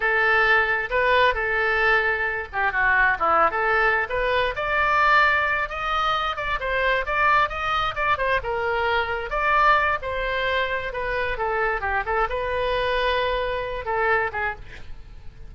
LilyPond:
\new Staff \with { instrumentName = "oboe" } { \time 4/4 \tempo 4 = 132 a'2 b'4 a'4~ | a'4. g'8 fis'4 e'8. a'16~ | a'4 b'4 d''2~ | d''8 dis''4. d''8 c''4 d''8~ |
d''8 dis''4 d''8 c''8 ais'4.~ | ais'8 d''4. c''2 | b'4 a'4 g'8 a'8 b'4~ | b'2~ b'8 a'4 gis'8 | }